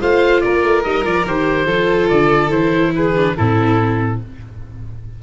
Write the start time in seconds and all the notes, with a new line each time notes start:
0.00 A3 F4 C5 F5
0.41 A#3 A#4 D5
0.63 A3
0.83 G3 D#4 D#5
1.03 F3 F4 D5
1.26 D#3 G4 C5
1.65 F3 F4 A4
2.09 D3 D5
2.49 E3 E4 C5
2.95 G#4 B4
3.16 D4
3.36 A2 C4 E4 A4